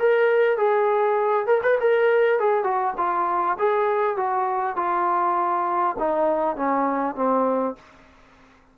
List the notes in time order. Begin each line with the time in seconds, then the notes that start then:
0.00 A#4
0.58 G#4
1.47 A#4
1.63 B4
1.81 A#4
2.40 G#4
2.64 F#4
2.98 F4
3.59 G#4
4.17 F#4
4.76 F4
5.99 D#4
6.56 C#4
7.16 C4